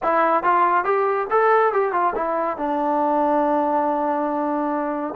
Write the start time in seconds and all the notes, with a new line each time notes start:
0.02 E4
0.43 F4
0.84 G4
1.30 A4
1.73 G4
1.92 F4
2.15 E4
2.57 D4